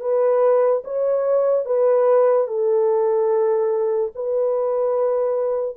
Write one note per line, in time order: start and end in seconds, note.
0.00 0.82 B4
0.84 1.65 C#5
1.65 2.47 B4
2.47 4.12 A4
4.15 5.76 B4